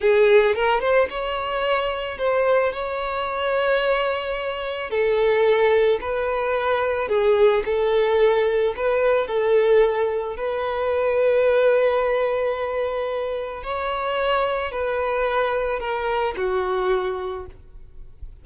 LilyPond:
\new Staff \with { instrumentName = "violin" } { \time 4/4 \tempo 4 = 110 gis'4 ais'8 c''8 cis''2 | c''4 cis''2.~ | cis''4 a'2 b'4~ | b'4 gis'4 a'2 |
b'4 a'2 b'4~ | b'1~ | b'4 cis''2 b'4~ | b'4 ais'4 fis'2 | }